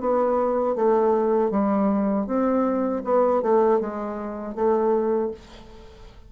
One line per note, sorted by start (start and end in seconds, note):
0.00 0.75 B3
0.75 1.51 A3
1.51 2.26 G3
2.26 3.02 C4
3.04 3.42 B3
3.42 3.80 A3
3.80 4.55 G#3
4.55 5.31 A3